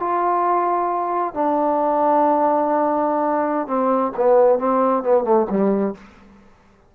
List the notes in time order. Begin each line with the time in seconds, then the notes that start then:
0.00 F4
1.35 D4
3.68 C4
4.17 B3
4.59 C4
5.04 B3
5.24 A3
5.50 G3